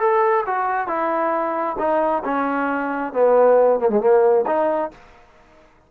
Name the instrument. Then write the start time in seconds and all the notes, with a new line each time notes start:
trombone
0.00 A4
0.46 F#4
0.88 E4
1.79 D#4
2.24 C#4
3.13 B3
3.80 A#3
3.90 G#3
4.01 A#3
4.47 D#4